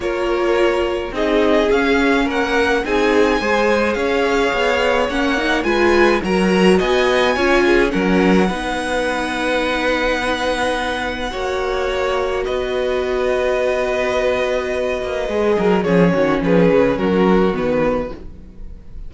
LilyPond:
<<
  \new Staff \with { instrumentName = "violin" } { \time 4/4 \tempo 4 = 106 cis''2 dis''4 f''4 | fis''4 gis''2 f''4~ | f''4 fis''4 gis''4 ais''4 | gis''2 fis''2~ |
fis''1~ | fis''2 dis''2~ | dis''1 | cis''4 b'4 ais'4 b'4 | }
  \new Staff \with { instrumentName = "violin" } { \time 4/4 ais'2 gis'2 | ais'4 gis'4 c''4 cis''4~ | cis''2 b'4 ais'4 | dis''4 cis''8 gis'8 ais'4 b'4~ |
b'1 | cis''2 b'2~ | b'2.~ b'8 ais'8 | gis'8 fis'8 gis'4 fis'2 | }
  \new Staff \with { instrumentName = "viola" } { \time 4/4 f'2 dis'4 cis'4~ | cis'4 dis'4 gis'2~ | gis'4 cis'8 dis'8 f'4 fis'4~ | fis'4 f'4 cis'4 dis'4~ |
dis'1 | fis'1~ | fis'2. gis'4 | cis'2. b4 | }
  \new Staff \with { instrumentName = "cello" } { \time 4/4 ais2 c'4 cis'4 | ais4 c'4 gis4 cis'4 | b4 ais4 gis4 fis4 | b4 cis'4 fis4 b4~ |
b1 | ais2 b2~ | b2~ b8 ais8 gis8 fis8 | f8 dis8 f8 cis8 fis4 dis4 | }
>>